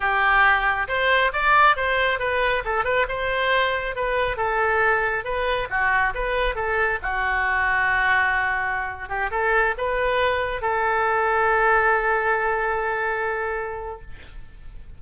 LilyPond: \new Staff \with { instrumentName = "oboe" } { \time 4/4 \tempo 4 = 137 g'2 c''4 d''4 | c''4 b'4 a'8 b'8 c''4~ | c''4 b'4 a'2 | b'4 fis'4 b'4 a'4 |
fis'1~ | fis'8. g'8 a'4 b'4.~ b'16~ | b'16 a'2.~ a'8.~ | a'1 | }